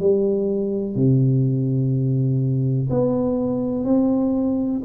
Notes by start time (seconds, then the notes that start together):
0.00 G3
0.95 C3
2.90 B3
3.84 C4